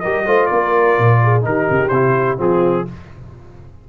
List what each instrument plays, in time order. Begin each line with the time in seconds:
0.00 tuba G3, trombone G4, horn A#4, trumpet D#5
0.26 tuba A3, trombone F4, horn C5
0.46 tuba A#3, horn A#4, trumpet D5
0.98 tuba A#2
1.23 horn G#4
1.41 tuba D#3, trombone D#4, trumpet A#4
1.48 horn G4
1.70 tuba C#3
1.88 tuba C3, trombone E4, trumpet C5
2.38 tuba F3, trombone C4, horn F4, trumpet G#4